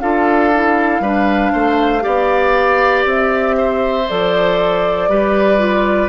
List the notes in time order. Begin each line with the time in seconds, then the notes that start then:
0.00 D4 F4 A4 F5
0.53 E4
1.00 G3 D4 B4
1.52 A3 C5
2.00 B3 G4 D5
3.05 C4 E5
3.57 C5
4.08 F3 A4 D5
5.08 G3 G4 B4
5.59 F4